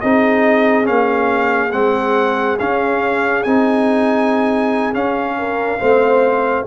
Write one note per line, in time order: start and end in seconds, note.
0.00 0.88 C4
0.00 0.84 D#4
0.00 5.37 G#4
0.00 0.86 D#5
0.84 1.73 A#3
0.84 1.69 C#4
0.84 1.71 F5
1.71 2.59 G#3
1.71 2.57 C4
1.71 2.57 F#5
2.59 3.45 C#4
2.59 3.43 F5
3.43 4.94 C4
3.43 4.93 D#4
3.43 4.93 G#5
4.93 5.78 C#4
4.93 5.79 C#4
4.93 6.65 F5
5.38 5.79 A#4
5.79 6.66 A3
5.79 6.65 C4
5.79 6.65 C5